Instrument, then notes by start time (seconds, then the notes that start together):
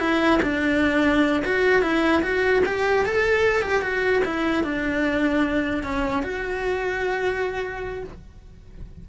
cello
0.00 E4
0.43 D4
1.45 F#4
1.82 E4
2.23 F#4
2.66 G4
3.06 A4
3.62 G4
3.82 F#4
4.25 E4
4.64 D4
5.84 C#4
6.23 F#4